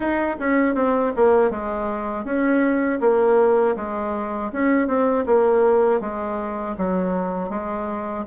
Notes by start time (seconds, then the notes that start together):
0.00 D#4
0.39 C#4
0.74 C4
1.16 A#3
1.50 G#3
2.24 C#4
3.00 A#3
3.76 G#3
4.52 C#4
4.87 C4
5.25 A#3
6.00 G#3
6.77 F#3
7.49 G#3